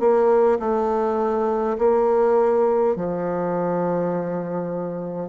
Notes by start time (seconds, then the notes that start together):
0.00 A#3
0.59 A3
1.78 A#3
2.96 F3